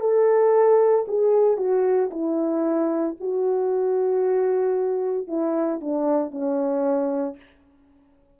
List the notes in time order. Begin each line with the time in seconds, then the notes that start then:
0.00 A4
1.08 G#4
1.57 F#4
2.11 E4
3.20 F#4
5.27 E4
5.81 D4
6.31 C#4